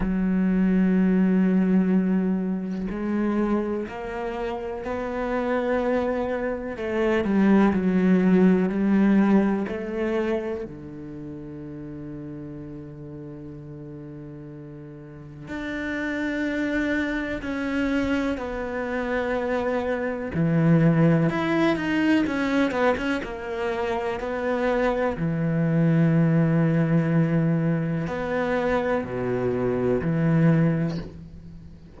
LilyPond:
\new Staff \with { instrumentName = "cello" } { \time 4/4 \tempo 4 = 62 fis2. gis4 | ais4 b2 a8 g8 | fis4 g4 a4 d4~ | d1 |
d'2 cis'4 b4~ | b4 e4 e'8 dis'8 cis'8 b16 cis'16 | ais4 b4 e2~ | e4 b4 b,4 e4 | }